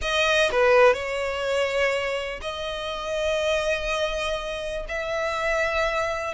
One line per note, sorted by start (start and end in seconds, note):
0.01 0.50 D#5
0.51 0.93 B4
0.93 2.40 C#5
2.41 4.85 D#5
4.88 6.34 E5